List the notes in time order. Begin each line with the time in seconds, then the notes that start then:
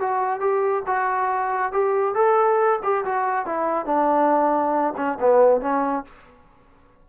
0.00 F#4
0.40 G4
0.86 F#4
1.72 G4
2.14 A4
2.83 G4
3.05 F#4
3.46 E4
3.86 D4
4.97 C#4
5.20 B3
5.61 C#4